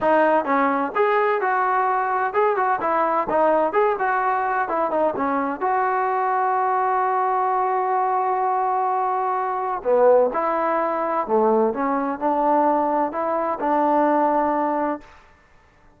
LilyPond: \new Staff \with { instrumentName = "trombone" } { \time 4/4 \tempo 4 = 128 dis'4 cis'4 gis'4 fis'4~ | fis'4 gis'8 fis'8 e'4 dis'4 | gis'8 fis'4. e'8 dis'8 cis'4 | fis'1~ |
fis'1~ | fis'4 b4 e'2 | a4 cis'4 d'2 | e'4 d'2. | }